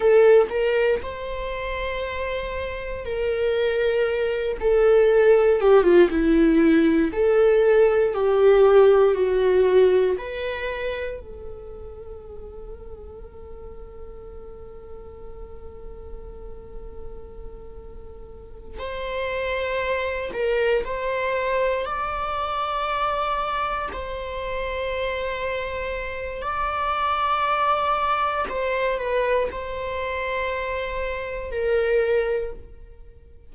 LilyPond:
\new Staff \with { instrumentName = "viola" } { \time 4/4 \tempo 4 = 59 a'8 ais'8 c''2 ais'4~ | ais'8 a'4 g'16 f'16 e'4 a'4 | g'4 fis'4 b'4 a'4~ | a'1~ |
a'2~ a'8 c''4. | ais'8 c''4 d''2 c''8~ | c''2 d''2 | c''8 b'8 c''2 ais'4 | }